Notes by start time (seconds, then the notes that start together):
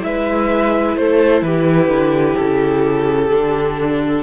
0.00 G#3 E4 E5
0.06 B4
0.97 A3 A4 C5
1.43 E3 G4 B4
1.88 D3
2.37 C#3 A4
3.31 D3 D4